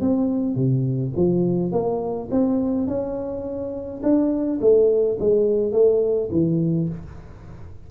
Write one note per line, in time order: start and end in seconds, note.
0.00 0.55 C4
0.55 1.12 C3
1.16 1.71 F3
1.71 2.28 A#3
2.30 2.87 C4
2.87 4.01 C#4
4.02 4.59 D4
4.61 5.18 A3
5.19 5.72 G#3
5.72 6.29 A3
6.31 6.88 E3